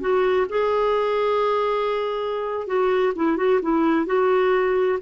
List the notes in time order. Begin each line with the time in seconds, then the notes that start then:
0.00 F#4
0.49 G#4
2.66 F#4
3.15 E4
3.37 F#4
3.62 E4
4.05 F#4